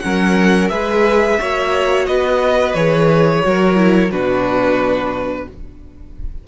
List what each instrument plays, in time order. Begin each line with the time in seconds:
0.00 cello F#3, viola C#4, violin A#4 F#5
0.69 cello G#3, viola G#4, violin B4 E5
1.39 cello A#3, viola F#4, violin C#5
2.07 cello B3, violin B4 D#5
2.74 cello E3, viola G#4, violin C#5
3.44 cello F#3, viola F#4, violin A#4
3.76 viola E4
4.12 cello B2, viola D4, violin F#4 B4